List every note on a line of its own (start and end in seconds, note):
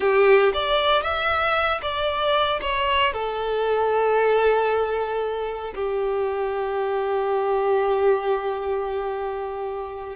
0.00 0.52 G4
0.53 1.02 D5
1.02 1.80 E5
1.81 2.60 D5
2.61 3.13 C#5
3.13 5.74 A4
5.74 10.16 G4